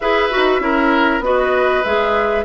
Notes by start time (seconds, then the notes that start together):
0.00 E4 G#4 B4 E5
0.30 D#4 F#4
0.59 C#4 E4 A#4
1.19 B3 F#4 B4 D#5
1.83 G#3 G#4 E5